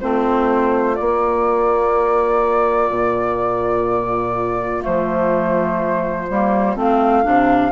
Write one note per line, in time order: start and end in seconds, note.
0.00 0.99 A3
0.00 0.95 C4
0.00 7.72 F4
0.00 0.95 C5
0.95 4.81 A#3
0.95 2.89 A#3
0.95 4.82 D5
2.89 4.83 A#2
4.81 6.30 F3
4.81 6.26 A3
4.81 6.78 C5
6.30 6.76 G3
6.30 6.76 A#3
6.76 7.24 A3
6.76 7.23 C4
6.76 7.72 F5
7.23 7.72 C3
7.23 7.72 D4